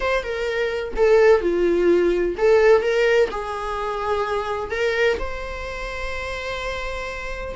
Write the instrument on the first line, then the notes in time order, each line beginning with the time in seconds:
viola
0.00 C5
0.23 A#4
0.96 A4
1.41 F4
2.37 A4
2.82 A#4
3.30 G#4
4.70 A#4
5.18 C5